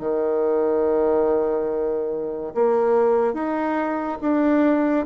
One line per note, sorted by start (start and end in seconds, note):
0.00 2.54 D#3
2.54 3.33 A#3
3.33 4.18 D#4
4.21 5.06 D4